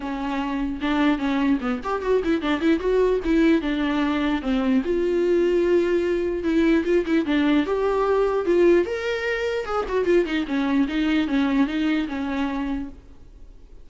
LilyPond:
\new Staff \with { instrumentName = "viola" } { \time 4/4 \tempo 4 = 149 cis'2 d'4 cis'4 | b8 g'8 fis'8 e'8 d'8 e'8 fis'4 | e'4 d'2 c'4 | f'1 |
e'4 f'8 e'8 d'4 g'4~ | g'4 f'4 ais'2 | gis'8 fis'8 f'8 dis'8 cis'4 dis'4 | cis'4 dis'4 cis'2 | }